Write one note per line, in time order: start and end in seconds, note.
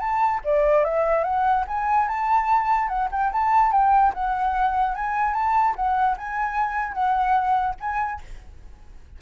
0.00 0.41 A5
0.44 0.84 D5
0.84 1.24 E5
1.24 1.65 F#5
1.68 2.08 G#5
2.08 2.88 A5
2.88 3.09 F#5
3.12 3.32 G5
3.32 3.72 A5
3.72 4.13 G5
4.14 4.95 F#5
4.95 5.34 G#5
5.34 5.75 A5
5.76 6.17 F#5
6.18 6.93 G#5
6.93 7.75 F#5
7.80 8.21 G#5